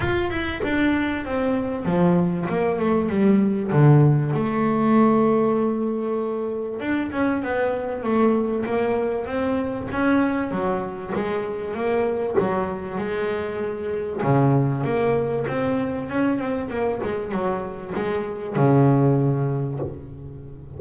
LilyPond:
\new Staff \with { instrumentName = "double bass" } { \time 4/4 \tempo 4 = 97 f'8 e'8 d'4 c'4 f4 | ais8 a8 g4 d4 a4~ | a2. d'8 cis'8 | b4 a4 ais4 c'4 |
cis'4 fis4 gis4 ais4 | fis4 gis2 cis4 | ais4 c'4 cis'8 c'8 ais8 gis8 | fis4 gis4 cis2 | }